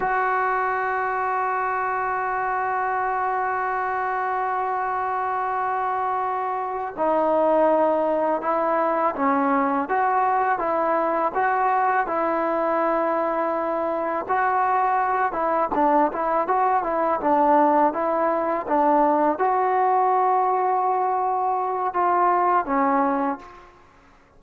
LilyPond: \new Staff \with { instrumentName = "trombone" } { \time 4/4 \tempo 4 = 82 fis'1~ | fis'1~ | fis'4. dis'2 e'8~ | e'8 cis'4 fis'4 e'4 fis'8~ |
fis'8 e'2. fis'8~ | fis'4 e'8 d'8 e'8 fis'8 e'8 d'8~ | d'8 e'4 d'4 fis'4.~ | fis'2 f'4 cis'4 | }